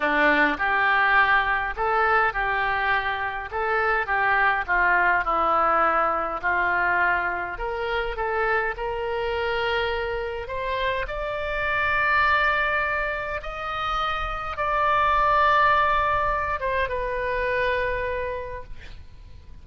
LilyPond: \new Staff \with { instrumentName = "oboe" } { \time 4/4 \tempo 4 = 103 d'4 g'2 a'4 | g'2 a'4 g'4 | f'4 e'2 f'4~ | f'4 ais'4 a'4 ais'4~ |
ais'2 c''4 d''4~ | d''2. dis''4~ | dis''4 d''2.~ | d''8 c''8 b'2. | }